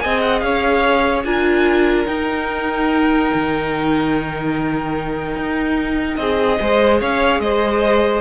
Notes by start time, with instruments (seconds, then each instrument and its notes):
0.00 cello C4, viola G#4, violin D#5 G#5
0.21 violin F#5
0.40 cello C#4, violin C#5 F5
1.24 cello D4, viola F4, violin A#4 G#5
2.06 viola D#4, cello D#4, violin G5
3.34 cello D#3
5.37 cello D#4
6.16 cello C4, violin G#4 D#5
6.60 cello G#3, viola G#4, violin C5
7.01 cello C#4, violin C#5 F5
7.40 cello G#3, violin C5 D#5